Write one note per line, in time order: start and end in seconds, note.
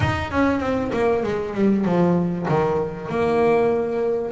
0.00 0.31 D#4
0.31 0.60 C#4
0.60 0.91 C4
0.93 1.23 A#3
1.23 1.54 G#3
1.54 1.84 G3
1.84 2.46 F3
2.48 3.09 D#3
3.09 4.31 A#3